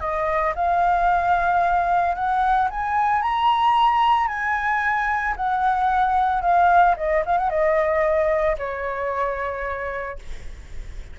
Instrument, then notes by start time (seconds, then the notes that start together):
flute
0.00 D#5
0.56 F5
2.15 F#5
2.70 G#5
3.22 A#5
4.28 G#5
5.37 F#5
6.42 F5
6.97 D#5
7.26 F5
7.38 F#5
7.50 D#5
8.58 C#5